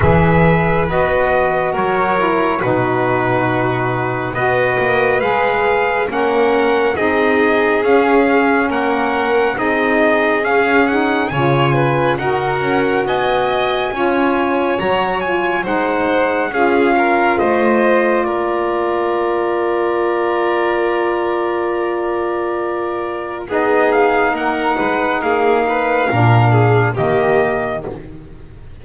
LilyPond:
<<
  \new Staff \with { instrumentName = "trumpet" } { \time 4/4 \tempo 4 = 69 e''4 dis''4 cis''4 b'4~ | b'4 dis''4 f''4 fis''4 | dis''4 f''4 fis''4 dis''4 | f''8 fis''8 gis''4 fis''4 gis''4~ |
gis''4 ais''8 gis''8 fis''4 f''4 | dis''4 d''2.~ | d''2. dis''8 f''8 | fis''4 f''2 dis''4 | }
  \new Staff \with { instrumentName = "violin" } { \time 4/4 b'2 ais'4 fis'4~ | fis'4 b'2 ais'4 | gis'2 ais'4 gis'4~ | gis'4 cis''8 b'8 ais'4 dis''4 |
cis''2 c''4 gis'8 ais'8 | c''4 ais'2.~ | ais'2. gis'4 | ais'8 b'8 gis'8 b'8 ais'8 gis'8 g'4 | }
  \new Staff \with { instrumentName = "saxophone" } { \time 4/4 gis'4 fis'4. e'8 dis'4~ | dis'4 fis'4 gis'4 cis'4 | dis'4 cis'2 dis'4 | cis'8 dis'8 f'4 fis'2 |
f'4 fis'8 f'8 dis'4 f'4~ | f'1~ | f'2. dis'4~ | dis'2 d'4 ais4 | }
  \new Staff \with { instrumentName = "double bass" } { \time 4/4 e4 b4 fis4 b,4~ | b,4 b8 ais8 gis4 ais4 | c'4 cis'4 ais4 c'4 | cis'4 cis4 dis'8 cis'8 b4 |
cis'4 fis4 gis4 cis'4 | a4 ais2.~ | ais2. b4 | ais8 gis8 ais4 ais,4 dis4 | }
>>